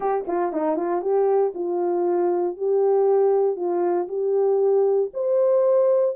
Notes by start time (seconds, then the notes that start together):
0.00 G4
0.27 F4
0.52 D#4
0.76 F4
1.01 G4
1.54 F4
2.57 G4
3.56 F4
4.07 G4
5.13 C5